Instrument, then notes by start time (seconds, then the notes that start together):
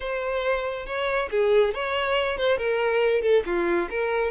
violin
0.00 C5
0.86 C#5
1.30 G#4
1.74 C#5
2.37 C5
2.57 A#4
3.21 A4
3.45 F4
3.89 A#4